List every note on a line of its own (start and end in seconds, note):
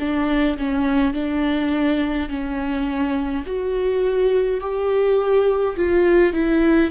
0.00 0.58 D4
0.58 1.14 C#4
1.14 2.29 D4
2.29 3.45 C#4
3.47 4.60 F#4
4.60 5.76 G4
5.76 6.34 F4
6.34 6.91 E4